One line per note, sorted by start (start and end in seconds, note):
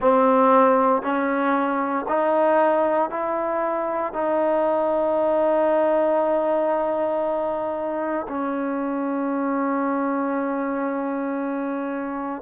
0.00 1.02 C4
1.02 2.05 C#4
2.08 3.09 D#4
3.09 4.13 E4
4.13 8.27 D#4
8.28 12.42 C#4